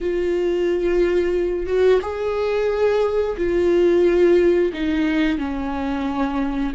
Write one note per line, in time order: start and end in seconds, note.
0.00 1.66 F4
1.66 2.00 F#4
2.01 3.36 G#4
3.37 4.72 F4
4.73 5.38 D#4
5.38 6.73 C#4